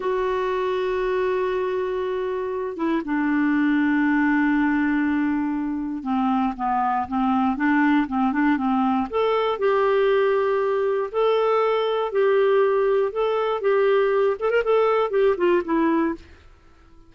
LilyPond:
\new Staff \with { instrumentName = "clarinet" } { \time 4/4 \tempo 4 = 119 fis'1~ | fis'4. e'8 d'2~ | d'1 | c'4 b4 c'4 d'4 |
c'8 d'8 c'4 a'4 g'4~ | g'2 a'2 | g'2 a'4 g'4~ | g'8 a'16 ais'16 a'4 g'8 f'8 e'4 | }